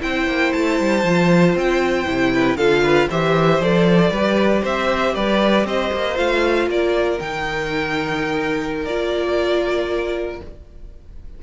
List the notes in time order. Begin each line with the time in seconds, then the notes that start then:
0.00 C4 E4 C5 G5
0.27 A#3
0.53 A3 A5
0.80 G3
1.04 F3 F4
1.55 C4 G5
2.06 C3 E4
2.34 B4
2.57 D3 F4 A4 F5
2.83 B4
3.09 E3 G4 C5 E5
3.60 F3 A4 D5
4.11 G3 G4 B4
4.63 C4 C5 E5
5.15 G3 B4 D5
5.65 C4 C5 D#5
5.93 A#3
6.16 A3 F4 F5
6.68 A#3 A#4 D5
7.20 D#3 D#4 G5
8.85 A#3 F4 D5